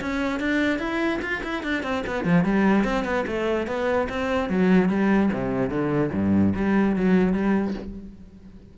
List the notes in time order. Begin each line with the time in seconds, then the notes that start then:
0.00 C#4
0.39 D4
0.79 E4
1.21 F4
1.43 E4
1.63 D4
1.83 C4
2.06 B3
2.24 F3
2.44 G3
2.84 C4
3.04 B3
3.27 A3
3.67 B3
4.09 C4
4.49 F#3
4.89 G3
5.32 C3
5.69 D3
6.12 G2
6.55 G3
6.95 F#3
7.33 G3